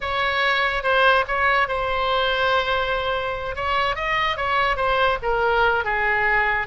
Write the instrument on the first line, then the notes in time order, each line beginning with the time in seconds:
oboe
0.00 C#5
0.83 C5
1.27 C#5
1.68 C5
3.55 C#5
3.95 D#5
4.37 C#5
4.76 C5
5.22 A#4
5.84 G#4